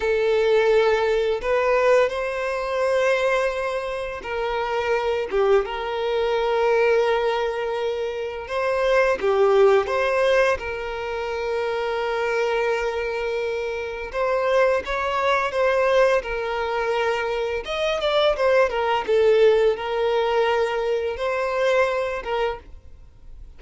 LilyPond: \new Staff \with { instrumentName = "violin" } { \time 4/4 \tempo 4 = 85 a'2 b'4 c''4~ | c''2 ais'4. g'8 | ais'1 | c''4 g'4 c''4 ais'4~ |
ais'1 | c''4 cis''4 c''4 ais'4~ | ais'4 dis''8 d''8 c''8 ais'8 a'4 | ais'2 c''4. ais'8 | }